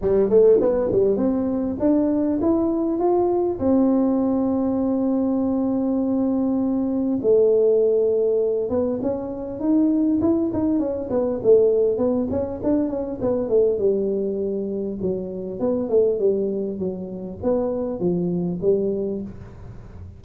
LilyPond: \new Staff \with { instrumentName = "tuba" } { \time 4/4 \tempo 4 = 100 g8 a8 b8 g8 c'4 d'4 | e'4 f'4 c'2~ | c'1 | a2~ a8 b8 cis'4 |
dis'4 e'8 dis'8 cis'8 b8 a4 | b8 cis'8 d'8 cis'8 b8 a8 g4~ | g4 fis4 b8 a8 g4 | fis4 b4 f4 g4 | }